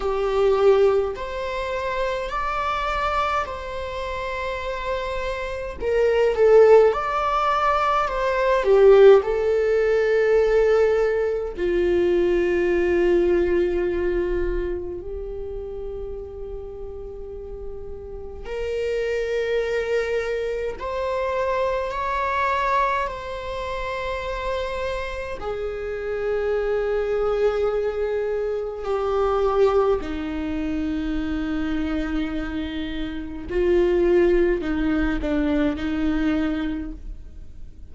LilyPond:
\new Staff \with { instrumentName = "viola" } { \time 4/4 \tempo 4 = 52 g'4 c''4 d''4 c''4~ | c''4 ais'8 a'8 d''4 c''8 g'8 | a'2 f'2~ | f'4 g'2. |
ais'2 c''4 cis''4 | c''2 gis'2~ | gis'4 g'4 dis'2~ | dis'4 f'4 dis'8 d'8 dis'4 | }